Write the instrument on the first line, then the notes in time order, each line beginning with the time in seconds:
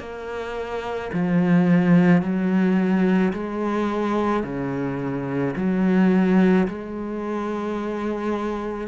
cello
0.00 A#3
1.14 F3
2.22 F#3
3.33 G#3
4.44 C#3
5.57 F#3
6.68 G#3